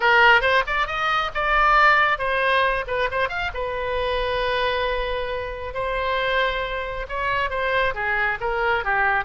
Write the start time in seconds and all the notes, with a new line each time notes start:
0.00 A#4
0.41 C5
0.67 D5
0.86 D#5
1.34 D5
2.18 C5
2.87 B4
3.11 C5
3.29 F5
3.54 B4
5.74 C5
7.08 C#5
7.49 C5
7.94 G#4
8.40 A#4
8.84 G4